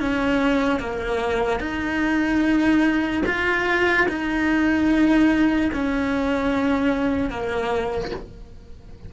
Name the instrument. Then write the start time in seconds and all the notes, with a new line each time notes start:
cello
0.00 C#4
0.80 A#3
1.60 D#4
3.26 F4
4.09 D#4
5.73 C#4
7.30 A#3